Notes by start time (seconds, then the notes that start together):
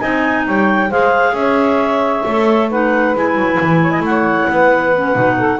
0.00 C4 D#4 D#5 G#5
0.46 G3 C#5 G5
0.89 G#3 G#4 C5 F5
1.33 C#4 E5
1.39 C#5
2.26 A3 A4
2.69 D#4 B4 F#5
3.15 G#3 E4 G#5
3.36 F#3
3.61 E3
3.82 C#5
3.91 D#5
4.00 A3 F#5
4.08 C#5
4.50 B3 B4
4.95 C#4
5.14 B2 D#4
5.37 A4